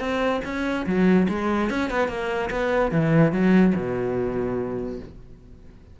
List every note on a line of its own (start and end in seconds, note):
0.00 0.41 C4
0.45 0.86 C#4
0.86 1.28 F#3
1.29 1.70 G#3
1.70 1.90 C#4
1.90 2.09 B3
2.09 2.50 A#3
2.51 2.92 B3
2.92 3.32 E3
3.32 3.74 F#3
3.76 5.00 B2